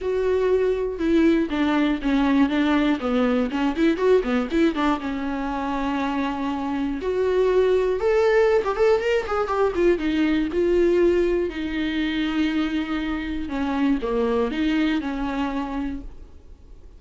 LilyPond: \new Staff \with { instrumentName = "viola" } { \time 4/4 \tempo 4 = 120 fis'2 e'4 d'4 | cis'4 d'4 b4 cis'8 e'8 | fis'8 b8 e'8 d'8 cis'2~ | cis'2 fis'2 |
a'4~ a'16 g'16 a'8 ais'8 gis'8 g'8 f'8 | dis'4 f'2 dis'4~ | dis'2. cis'4 | ais4 dis'4 cis'2 | }